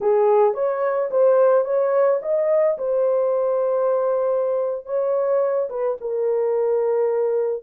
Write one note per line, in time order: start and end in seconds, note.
0.00 0.54 G#4
0.54 1.09 C#5
1.11 1.64 C5
1.64 2.20 C#5
2.21 2.77 D#5
2.78 4.85 C5
4.85 5.68 C#5
5.69 5.97 B4
6.00 7.63 A#4